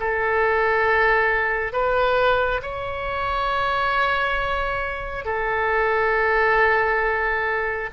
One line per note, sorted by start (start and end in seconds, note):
0.00 1.73 A4
1.73 2.61 B4
2.62 5.25 C#5
5.25 7.90 A4